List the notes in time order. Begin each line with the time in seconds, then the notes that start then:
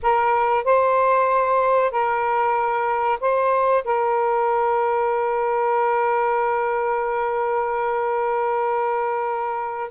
0.02 A#4
0.64 C5
1.91 A#4
3.20 C5
3.84 A#4